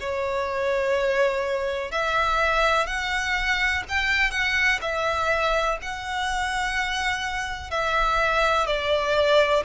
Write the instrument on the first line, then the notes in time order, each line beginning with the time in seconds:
violin
0.00 C#5
1.92 E5
2.86 F#5
3.89 G5
4.31 F#5
4.81 E5
5.82 F#5
7.71 E5
8.67 D5